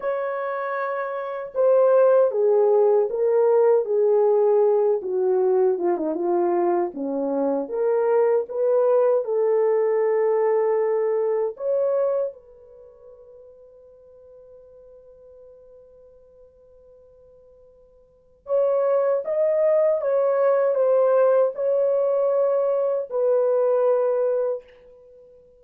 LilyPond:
\new Staff \with { instrumentName = "horn" } { \time 4/4 \tempo 4 = 78 cis''2 c''4 gis'4 | ais'4 gis'4. fis'4 f'16 dis'16 | f'4 cis'4 ais'4 b'4 | a'2. cis''4 |
b'1~ | b'1 | cis''4 dis''4 cis''4 c''4 | cis''2 b'2 | }